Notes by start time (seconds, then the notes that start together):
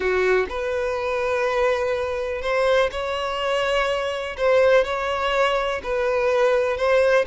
0.00 F#4
0.49 B4
2.41 C5
2.91 C#5
4.37 C5
4.84 C#5
5.83 B4
6.77 C5